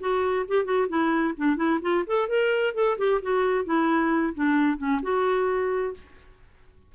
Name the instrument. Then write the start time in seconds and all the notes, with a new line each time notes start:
clarinet
0.00 F#4
0.48 G4
0.65 F#4
0.88 E4
1.37 D4
1.57 E4
1.82 F4
2.07 A4
2.28 A#4
2.74 A4
2.98 G4
3.22 F#4
3.65 E4
4.34 D4
4.77 C#4
5.02 F#4